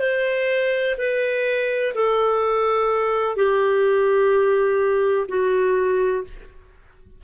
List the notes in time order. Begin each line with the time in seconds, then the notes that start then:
0.00 C5
0.98 B4
1.95 A4
3.36 G4
5.29 F#4